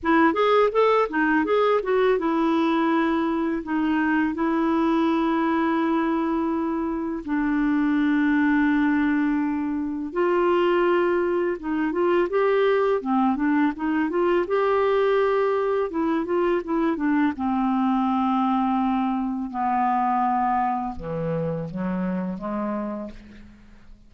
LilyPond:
\new Staff \with { instrumentName = "clarinet" } { \time 4/4 \tempo 4 = 83 e'8 gis'8 a'8 dis'8 gis'8 fis'8 e'4~ | e'4 dis'4 e'2~ | e'2 d'2~ | d'2 f'2 |
dis'8 f'8 g'4 c'8 d'8 dis'8 f'8 | g'2 e'8 f'8 e'8 d'8 | c'2. b4~ | b4 e4 fis4 gis4 | }